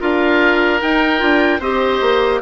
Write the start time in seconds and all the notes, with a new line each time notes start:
0.00 D4 F4 A#4 F5
0.80 D#4 G5
1.19 D4 F4
1.60 C4 G4 C5 D#5
2.01 A#3